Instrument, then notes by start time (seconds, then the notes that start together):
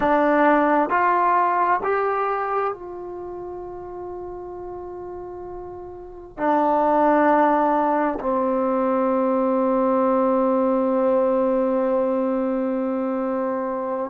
trombone
0.00 D4
0.89 F4
1.83 G4
2.73 F4
6.37 D4
8.20 C4